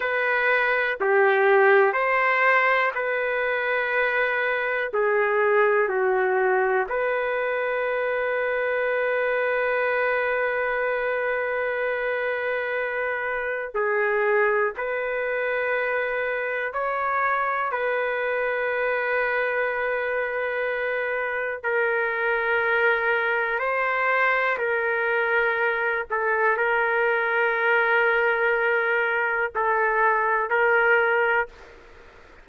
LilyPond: \new Staff \with { instrumentName = "trumpet" } { \time 4/4 \tempo 4 = 61 b'4 g'4 c''4 b'4~ | b'4 gis'4 fis'4 b'4~ | b'1~ | b'2 gis'4 b'4~ |
b'4 cis''4 b'2~ | b'2 ais'2 | c''4 ais'4. a'8 ais'4~ | ais'2 a'4 ais'4 | }